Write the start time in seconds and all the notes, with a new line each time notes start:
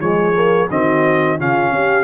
0.00 F3 G#3 G#4 C#5
0.33 A#3
0.70 D#3 C4 F#4 D#5
1.38 C#3 C#4 F4 F5
1.72 C#4 G4